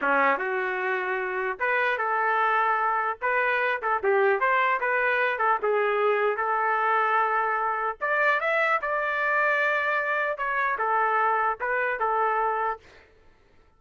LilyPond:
\new Staff \with { instrumentName = "trumpet" } { \time 4/4 \tempo 4 = 150 cis'4 fis'2. | b'4 a'2. | b'4. a'8 g'4 c''4 | b'4. a'8 gis'2 |
a'1 | d''4 e''4 d''2~ | d''2 cis''4 a'4~ | a'4 b'4 a'2 | }